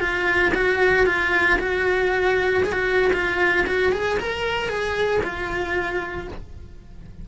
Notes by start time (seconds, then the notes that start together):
0.00 F4
0.54 F#4
1.06 F4
1.59 F#4
2.63 G#4
2.72 F#4
3.13 F4
3.66 F#4
3.92 G#4
4.19 A#4
4.68 G#4
5.23 F4